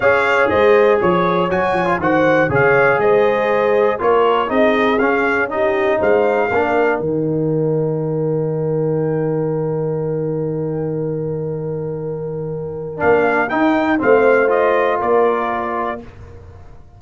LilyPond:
<<
  \new Staff \with { instrumentName = "trumpet" } { \time 4/4 \tempo 4 = 120 f''4 dis''4 cis''4 gis''4 | fis''4 f''4 dis''2 | cis''4 dis''4 f''4 dis''4 | f''2 g''2~ |
g''1~ | g''1~ | g''2 f''4 g''4 | f''4 dis''4 d''2 | }
  \new Staff \with { instrumentName = "horn" } { \time 4/4 cis''4 c''4 cis''2 | c''4 cis''4 c''2 | ais'4 gis'2 g'4 | c''4 ais'2.~ |
ais'1~ | ais'1~ | ais'1 | c''2 ais'2 | }
  \new Staff \with { instrumentName = "trombone" } { \time 4/4 gis'2. fis'8. f'16 | fis'4 gis'2. | f'4 dis'4 cis'4 dis'4~ | dis'4 d'4 dis'2~ |
dis'1~ | dis'1~ | dis'2 d'4 dis'4 | c'4 f'2. | }
  \new Staff \with { instrumentName = "tuba" } { \time 4/4 cis'4 gis4 f4 fis8 f8 | dis4 cis4 gis2 | ais4 c'4 cis'2 | gis4 ais4 dis2~ |
dis1~ | dis1~ | dis2 ais4 dis'4 | a2 ais2 | }
>>